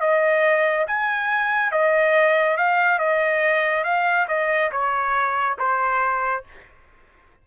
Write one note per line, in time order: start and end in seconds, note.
0.00 0.86 D#5
0.86 1.71 G#5
1.71 2.57 D#5
2.57 2.98 F5
2.98 3.84 D#5
3.84 4.27 F5
4.28 4.71 D#5
4.71 5.57 C#5
5.58 6.44 C5